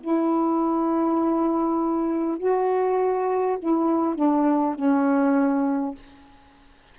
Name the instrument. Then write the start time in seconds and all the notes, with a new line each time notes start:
saxophone
0.00 E4
2.38 F#4
3.59 E4
4.15 D4
4.75 C#4